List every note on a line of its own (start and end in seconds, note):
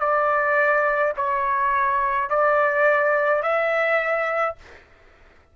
0.00 1.13 D5
1.17 2.30 C#5
2.30 3.43 D5
3.43 4.56 E5